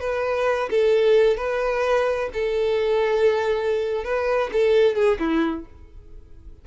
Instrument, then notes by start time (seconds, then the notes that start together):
violin
0.00 B4
0.70 A4
1.37 B4
2.33 A4
4.04 B4
4.53 A4
4.95 G#4
5.19 E4